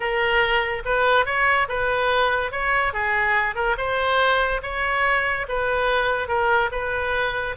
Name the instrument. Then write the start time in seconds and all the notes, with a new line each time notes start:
oboe
0.00 A#4
0.85 B4
1.25 C#5
1.68 B4
2.51 C#5
2.93 G#4
3.55 A#4
3.77 C5
4.62 C#5
5.48 B4
6.28 A#4
6.71 B4